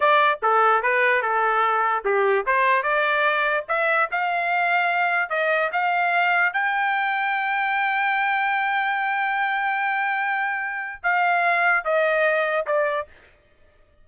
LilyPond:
\new Staff \with { instrumentName = "trumpet" } { \time 4/4 \tempo 4 = 147 d''4 a'4 b'4 a'4~ | a'4 g'4 c''4 d''4~ | d''4 e''4 f''2~ | f''4 dis''4 f''2 |
g''1~ | g''1~ | g''2. f''4~ | f''4 dis''2 d''4 | }